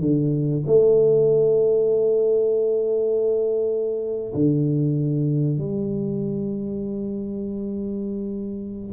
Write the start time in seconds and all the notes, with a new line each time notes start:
0.00 D3
0.66 A3
4.34 D3
5.58 G3